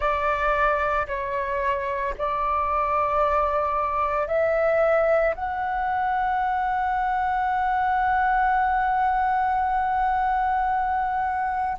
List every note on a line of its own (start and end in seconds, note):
0.00 1.07 D5
1.07 2.14 C#5
2.17 4.27 D5
4.27 5.34 E5
5.34 11.77 F#5